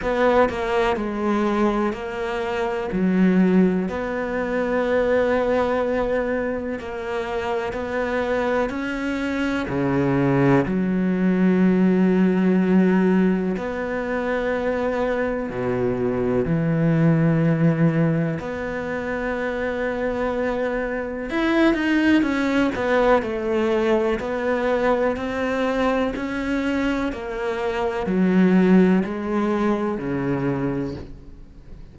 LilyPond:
\new Staff \with { instrumentName = "cello" } { \time 4/4 \tempo 4 = 62 b8 ais8 gis4 ais4 fis4 | b2. ais4 | b4 cis'4 cis4 fis4~ | fis2 b2 |
b,4 e2 b4~ | b2 e'8 dis'8 cis'8 b8 | a4 b4 c'4 cis'4 | ais4 fis4 gis4 cis4 | }